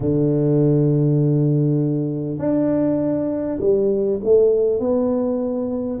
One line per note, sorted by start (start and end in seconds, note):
0.00 2.38 D3
2.38 3.58 D4
3.60 4.20 G3
4.23 4.79 A3
4.79 5.99 B3